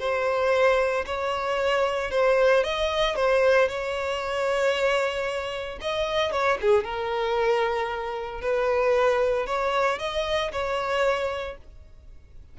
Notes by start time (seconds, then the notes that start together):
0.00 C5
1.06 C#5
2.11 C5
2.64 D#5
3.16 C5
3.69 C#5
5.82 D#5
6.32 C#5
6.62 G#4
6.85 A#4
8.42 B4
9.47 C#5
9.99 D#5
10.52 C#5